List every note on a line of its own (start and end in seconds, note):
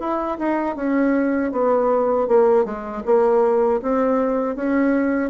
0.00 0.38 E4
0.39 0.76 D#4
0.76 1.52 C#4
1.52 2.28 B3
2.28 2.65 A#3
2.65 3.03 G#3
3.05 3.81 A#3
3.83 4.56 C4
4.56 5.30 C#4